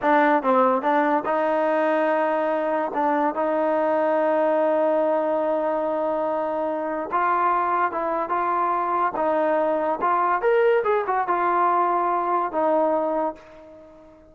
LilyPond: \new Staff \with { instrumentName = "trombone" } { \time 4/4 \tempo 4 = 144 d'4 c'4 d'4 dis'4~ | dis'2. d'4 | dis'1~ | dis'1~ |
dis'4 f'2 e'4 | f'2 dis'2 | f'4 ais'4 gis'8 fis'8 f'4~ | f'2 dis'2 | }